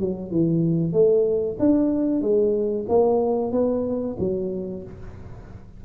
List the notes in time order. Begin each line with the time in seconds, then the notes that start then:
0.00 F#3
0.31 E3
0.93 A3
1.60 D4
2.22 G#3
2.89 A#3
3.52 B3
4.19 F#3